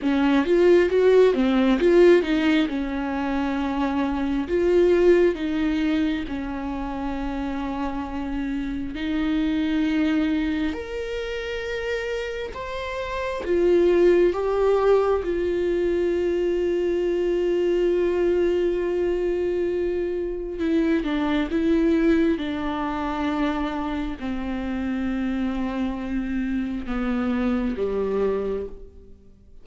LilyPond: \new Staff \with { instrumentName = "viola" } { \time 4/4 \tempo 4 = 67 cis'8 f'8 fis'8 c'8 f'8 dis'8 cis'4~ | cis'4 f'4 dis'4 cis'4~ | cis'2 dis'2 | ais'2 c''4 f'4 |
g'4 f'2.~ | f'2. e'8 d'8 | e'4 d'2 c'4~ | c'2 b4 g4 | }